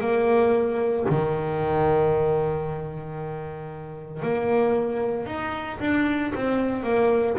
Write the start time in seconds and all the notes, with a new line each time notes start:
0.00 A#3
1.10 D#3
4.22 A#3
5.26 D#4
5.80 D4
6.35 C4
6.83 A#3